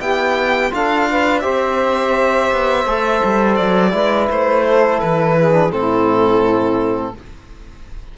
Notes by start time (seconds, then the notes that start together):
0.00 B3 E4 G4 G5
0.71 D4 F4 A4 F5
1.11 B4
1.40 C4 G4 C5 E5
2.52 B3
2.86 A3 A4
3.24 G3
3.56 F#3 D5
3.91 G#3 E4 B4
4.31 A3 C5
4.68 A4
5.00 E3 B4
5.38 G#4
5.53 D4
5.72 A2 C4 E4 A4